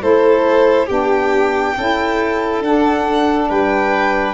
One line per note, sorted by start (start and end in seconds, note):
0.00 0.89 A3
0.00 0.87 E4
0.00 0.87 A4
0.00 0.89 C5
0.87 1.76 B3
0.87 1.75 D4
0.87 1.74 G4
0.87 2.62 G5
1.77 2.62 C#4
1.77 2.62 E4
1.77 3.49 A4
2.62 3.49 D4
2.62 4.33 D4
2.62 3.50 F#5
3.49 4.33 G3
3.49 4.33 B4
3.49 4.33 G5